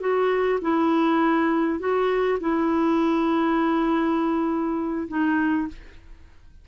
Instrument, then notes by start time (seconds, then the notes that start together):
clarinet
0.00 F#4
0.61 E4
1.79 F#4
2.40 E4
5.08 D#4